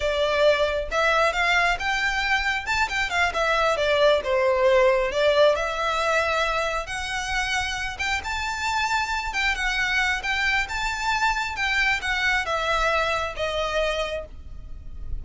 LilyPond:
\new Staff \with { instrumentName = "violin" } { \time 4/4 \tempo 4 = 135 d''2 e''4 f''4 | g''2 a''8 g''8 f''8 e''8~ | e''8 d''4 c''2 d''8~ | d''8 e''2. fis''8~ |
fis''2 g''8 a''4.~ | a''4 g''8 fis''4. g''4 | a''2 g''4 fis''4 | e''2 dis''2 | }